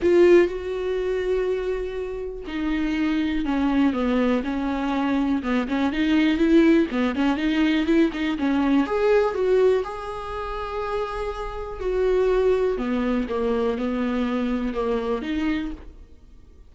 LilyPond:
\new Staff \with { instrumentName = "viola" } { \time 4/4 \tempo 4 = 122 f'4 fis'2.~ | fis'4 dis'2 cis'4 | b4 cis'2 b8 cis'8 | dis'4 e'4 b8 cis'8 dis'4 |
e'8 dis'8 cis'4 gis'4 fis'4 | gis'1 | fis'2 b4 ais4 | b2 ais4 dis'4 | }